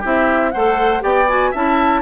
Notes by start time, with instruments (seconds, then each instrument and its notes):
0.00 bassoon C4, clarinet E4, oboe G4, flute E5
0.52 bassoon A3, clarinet A4, oboe C5, flute F#5
1.01 bassoon B3, clarinet G4, oboe D5, flute G5
1.28 clarinet F#4, flute G#5
1.51 bassoon C#4, clarinet E4, oboe E5, flute A5